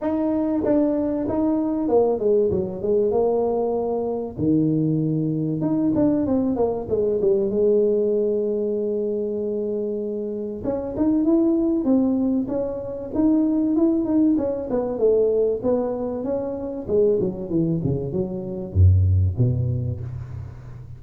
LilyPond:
\new Staff \with { instrumentName = "tuba" } { \time 4/4 \tempo 4 = 96 dis'4 d'4 dis'4 ais8 gis8 | fis8 gis8 ais2 dis4~ | dis4 dis'8 d'8 c'8 ais8 gis8 g8 | gis1~ |
gis4 cis'8 dis'8 e'4 c'4 | cis'4 dis'4 e'8 dis'8 cis'8 b8 | a4 b4 cis'4 gis8 fis8 | e8 cis8 fis4 fis,4 b,4 | }